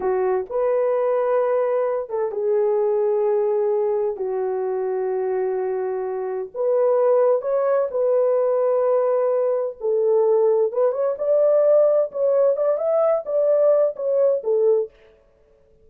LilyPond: \new Staff \with { instrumentName = "horn" } { \time 4/4 \tempo 4 = 129 fis'4 b'2.~ | b'8 a'8 gis'2.~ | gis'4 fis'2.~ | fis'2 b'2 |
cis''4 b'2.~ | b'4 a'2 b'8 cis''8 | d''2 cis''4 d''8 e''8~ | e''8 d''4. cis''4 a'4 | }